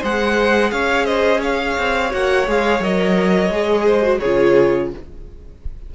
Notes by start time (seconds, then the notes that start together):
0.00 G#3 G#4 C5 F#5
0.71 C#4 C#5 F5
1.05 C5 D#5
1.40 C#5 F5
1.78 C4
2.10 A#3 F#4 F#5
2.47 G#3 G#4 F5
2.80 F#3 A#4 D#5
3.49 G#3 G#4
3.85 C5
4.02 F#4
4.19 C#3 F4 G#4 C#5